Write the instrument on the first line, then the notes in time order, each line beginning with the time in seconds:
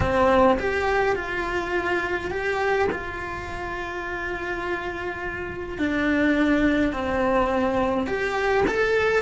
cello
0.00 C4
0.59 G4
1.15 F4
2.30 G4
2.91 F4
5.78 D4
6.92 C4
8.06 G4
8.67 A4